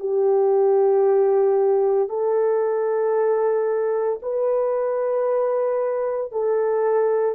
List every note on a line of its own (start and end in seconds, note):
0.00 2.09 G4
2.09 4.20 A4
4.22 6.32 B4
6.32 7.35 A4